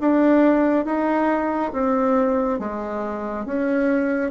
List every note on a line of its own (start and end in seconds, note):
0.00 0.85 D4
0.85 1.72 D#4
1.72 2.59 C4
2.59 3.45 G#3
3.45 4.30 C#4